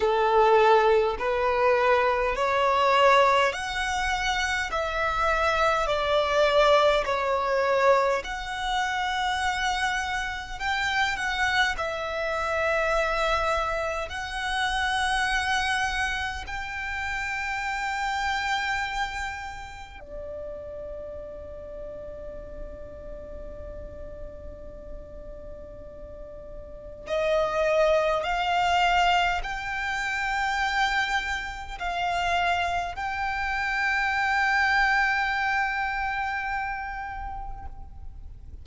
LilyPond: \new Staff \with { instrumentName = "violin" } { \time 4/4 \tempo 4 = 51 a'4 b'4 cis''4 fis''4 | e''4 d''4 cis''4 fis''4~ | fis''4 g''8 fis''8 e''2 | fis''2 g''2~ |
g''4 d''2.~ | d''2. dis''4 | f''4 g''2 f''4 | g''1 | }